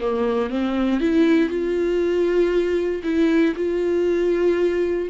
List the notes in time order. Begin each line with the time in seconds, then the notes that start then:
0.00 A#3
0.50 C4
1.00 E4
1.49 F4
3.03 E4
3.56 F4